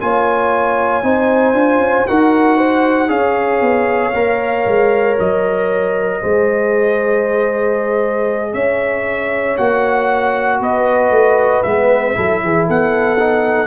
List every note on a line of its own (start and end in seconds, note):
0.00 1.03 A#3
0.00 1.03 F4
0.00 1.05 C#5
0.00 2.08 G#5
1.03 1.53 C4
1.03 1.55 D#4
1.03 2.08 C5
1.53 1.79 D4
1.53 2.06 F4
1.79 2.05 C#4
2.08 3.10 D#4
2.08 3.08 F#4
2.08 2.57 A#4
2.08 3.10 F#5
2.57 3.09 C5
3.08 3.61 C#4
3.08 4.12 G#4
3.08 6.20 C#5
3.08 5.17 F5
3.61 4.12 B3
4.14 4.66 A#3
4.14 6.22 A#4
4.66 5.18 G#3
5.19 6.23 F#3
5.19 8.54 D#5
6.20 8.54 G#3
6.20 9.58 G#4
6.20 8.53 C5
8.54 9.57 C#4
8.54 10.60 C#5
8.54 9.57 E5
9.58 10.60 A#3
9.58 11.65 F#4
9.58 10.61 F#5
10.60 11.10 B3
10.60 12.15 B4
10.60 11.63 D#5
11.10 11.62 A3
11.63 12.17 G#3
11.63 12.14 B3
11.63 12.66 E5
12.14 12.43 F#3
12.14 13.17 E4
12.14 12.42 A4
12.43 12.69 E3
12.43 12.67 G#4
12.67 13.67 B3
12.67 13.67 A4
12.67 13.67 F#5
13.19 13.67 D#4